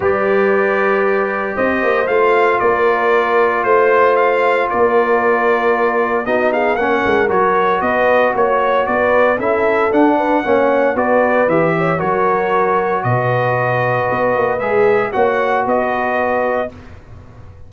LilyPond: <<
  \new Staff \with { instrumentName = "trumpet" } { \time 4/4 \tempo 4 = 115 d''2. dis''4 | f''4 d''2 c''4 | f''4 d''2. | dis''8 f''8 fis''4 cis''4 dis''4 |
cis''4 d''4 e''4 fis''4~ | fis''4 d''4 e''4 cis''4~ | cis''4 dis''2. | e''4 fis''4 dis''2 | }
  \new Staff \with { instrumentName = "horn" } { \time 4/4 b'2. c''4~ | c''4 ais'2 c''4~ | c''4 ais'2. | fis'8 gis'8 ais'2 b'4 |
cis''4 b'4 a'4. b'8 | cis''4 b'4. cis''8 ais'4~ | ais'4 b'2.~ | b'4 cis''4 b'2 | }
  \new Staff \with { instrumentName = "trombone" } { \time 4/4 g'1 | f'1~ | f'1 | dis'4 cis'4 fis'2~ |
fis'2 e'4 d'4 | cis'4 fis'4 g'4 fis'4~ | fis'1 | gis'4 fis'2. | }
  \new Staff \with { instrumentName = "tuba" } { \time 4/4 g2. c'8 ais8 | a4 ais2 a4~ | a4 ais2. | b4 ais8 gis8 fis4 b4 |
ais4 b4 cis'4 d'4 | ais4 b4 e4 fis4~ | fis4 b,2 b8 ais8 | gis4 ais4 b2 | }
>>